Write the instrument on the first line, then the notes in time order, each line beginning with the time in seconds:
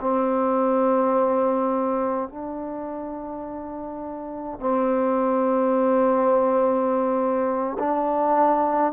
trombone
0.00 C4
2.29 D4
4.59 C4
7.78 D4